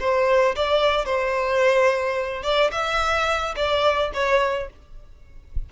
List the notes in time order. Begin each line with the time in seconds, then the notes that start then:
0.00 C5
0.56 D5
1.06 C5
2.43 D5
2.72 E5
3.57 D5
4.14 C#5